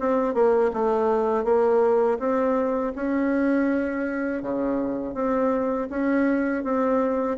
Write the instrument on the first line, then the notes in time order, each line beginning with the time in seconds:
bassoon
0.00 C4
0.34 A#3
0.73 A3
1.44 A#3
2.19 C4
2.96 C#4
4.42 C#3
5.14 C4
5.90 C#4
6.64 C4